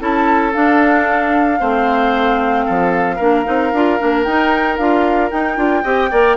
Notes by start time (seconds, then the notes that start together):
0.00 C#4 E4 A4 A5
0.54 D4 F5
1.59 A3 C4 C5
2.66 F3 A4
3.16 A#3 D4 A#4
3.45 C4 D#4
3.73 D4 F4
3.99 A#3 D4
4.24 D#4 G5
4.77 D4 F4 F5
5.31 D#4 G5
5.57 D4 F4
5.84 C4 G4 D#5
6.11 A#3 A#4 D5